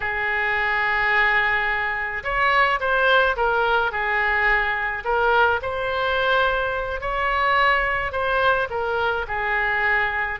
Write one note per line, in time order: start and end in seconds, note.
0.00 2.23 G#4
2.23 2.79 C#5
2.80 3.36 C5
3.36 3.91 A#4
3.91 5.03 G#4
5.04 5.60 A#4
5.62 7.01 C5
7.01 8.12 C#5
8.12 8.68 C5
8.69 9.25 A#4
9.27 10.39 G#4